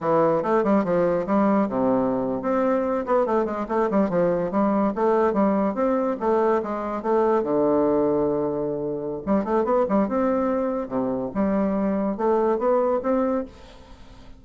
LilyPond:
\new Staff \with { instrumentName = "bassoon" } { \time 4/4 \tempo 4 = 143 e4 a8 g8 f4 g4 | c4.~ c16 c'4. b8 a16~ | a16 gis8 a8 g8 f4 g4 a16~ | a8. g4 c'4 a4 gis16~ |
gis8. a4 d2~ d16~ | d2 g8 a8 b8 g8 | c'2 c4 g4~ | g4 a4 b4 c'4 | }